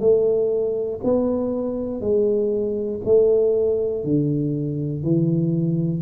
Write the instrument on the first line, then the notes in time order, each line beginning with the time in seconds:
tuba
0.00 A3
1.03 B3
2.00 G#3
3.05 A3
4.04 D3
5.03 E3